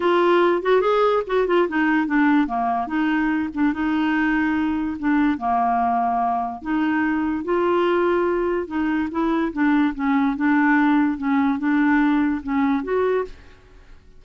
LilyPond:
\new Staff \with { instrumentName = "clarinet" } { \time 4/4 \tempo 4 = 145 f'4. fis'8 gis'4 fis'8 f'8 | dis'4 d'4 ais4 dis'4~ | dis'8 d'8 dis'2. | d'4 ais2. |
dis'2 f'2~ | f'4 dis'4 e'4 d'4 | cis'4 d'2 cis'4 | d'2 cis'4 fis'4 | }